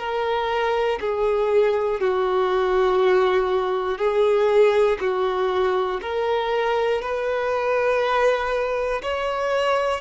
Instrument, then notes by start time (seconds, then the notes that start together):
violin
0.00 A#4
1.01 G#4
2.01 F#4
3.99 G#4
5.01 F#4
6.02 A#4
7.02 B4
9.03 C#5